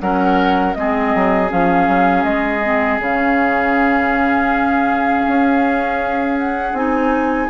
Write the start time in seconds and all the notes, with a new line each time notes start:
0.00 F#3 C#4 A#4 F#5
0.74 G#3 C4 G#4 D#5
1.14 F#3
1.48 F3 C#4 F5
1.87 F#3
2.23 G#3 D#5
2.63 C4
2.99 C#3 C#4 F5
5.27 C#4
6.39 F#5
6.73 C4 D#4 G#5